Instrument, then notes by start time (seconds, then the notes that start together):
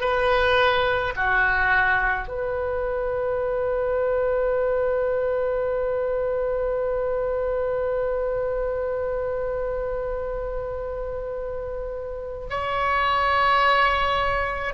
oboe
0.00 B4
1.16 F#4
2.28 B4
12.49 C#5